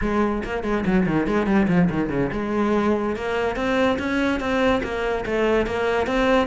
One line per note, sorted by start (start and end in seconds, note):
0.01 0.43 G#3
0.44 0.63 A#3
0.63 0.84 G#3
0.86 1.06 F#3
1.06 1.26 D#3
1.26 1.46 G#3
1.46 1.67 G3
1.68 1.89 F3
1.90 2.09 D#3
2.09 2.30 C#3
2.32 3.15 G#3
3.15 3.55 A#3
3.55 3.97 C4
3.98 4.39 C#4
4.39 4.81 C4
4.83 5.24 A#3
5.25 5.66 A3
5.66 6.06 A#3
6.06 6.47 C4